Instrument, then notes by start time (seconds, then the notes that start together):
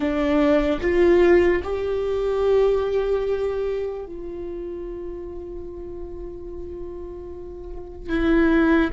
viola
0.00 D4
0.81 F4
1.63 G4
4.05 F4
8.09 E4